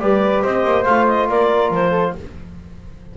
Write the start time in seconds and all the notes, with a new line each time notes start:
0.00 G3 G4 B4 D5
0.43 C4 C5 D#5
0.64 A#3
0.85 A3 F4 F5
1.07 D#5
1.29 A#3 A#4 D5
1.71 F3 C5
1.91 A4